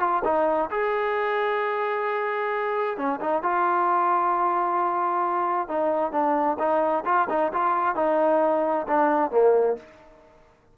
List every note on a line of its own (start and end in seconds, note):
0.00 0.23 F4
0.24 0.70 D#4
0.71 2.98 G#4
2.98 3.20 C#4
3.21 3.43 D#4
3.43 5.69 F4
5.69 6.12 D#4
6.12 6.57 D4
6.59 7.04 D#4
7.05 7.28 F4
7.30 7.52 D#4
7.53 7.96 F4
7.96 8.87 D#4
8.88 9.31 D4
9.31 9.77 A#3